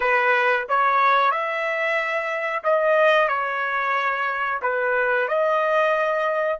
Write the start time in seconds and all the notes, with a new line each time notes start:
0.00 B4
0.69 C#5
1.31 E5
2.63 D#5
3.28 C#5
4.62 B4
5.27 D#5